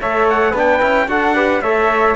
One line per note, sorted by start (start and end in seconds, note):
0.00 0.53 A3
0.00 0.55 A4
0.00 0.51 C#5
0.00 0.28 E5
0.29 0.56 F#5
0.51 0.81 B3
0.51 0.80 D4
0.51 1.05 B4
0.58 1.09 G5
0.80 1.08 C#4
0.80 1.07 E4
1.08 1.61 D4
1.08 1.35 F#4
1.08 1.34 A4
1.08 1.62 F#5
1.34 1.62 G4
1.34 1.61 B4
1.61 2.15 A3
1.61 2.16 A4
1.61 2.16 C#5
1.61 2.16 E5